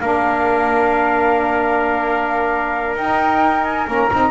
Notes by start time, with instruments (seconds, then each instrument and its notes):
0.00 double bass A#3, saxophone D4, trumpet A#4, flute F5
2.96 double bass D#4, saxophone D#4, flute G5
3.64 flute G#5
3.86 double bass A#3, saxophone C#4, flute A#5
4.12 double bass C4, saxophone D#4